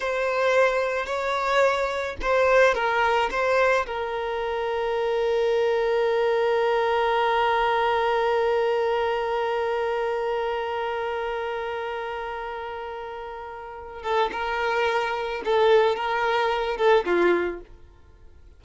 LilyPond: \new Staff \with { instrumentName = "violin" } { \time 4/4 \tempo 4 = 109 c''2 cis''2 | c''4 ais'4 c''4 ais'4~ | ais'1~ | ais'1~ |
ais'1~ | ais'1~ | ais'4. a'8 ais'2 | a'4 ais'4. a'8 f'4 | }